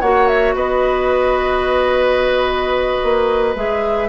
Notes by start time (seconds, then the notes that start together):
0.00 A#3 F#4 C#5 F#5
0.27 E5
0.54 B3 B4 D#5
3.02 A#3
3.55 G#3 G#4 E5